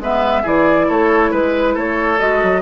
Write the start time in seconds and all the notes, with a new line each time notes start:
0.00 G#3 B3 B4 E5
0.43 E3 E4 G#4 D5
0.89 A3 A4 C#5
1.31 G#3 B4
1.75 A3 A4 C#5
2.19 G#3 F#4 D#5
2.43 F#3